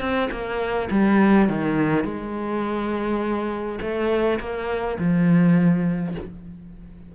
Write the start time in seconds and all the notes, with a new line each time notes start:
0.00 C4
0.31 A#3
0.90 G3
1.48 D#3
2.04 G#3
3.81 A3
4.40 A#3
4.98 F3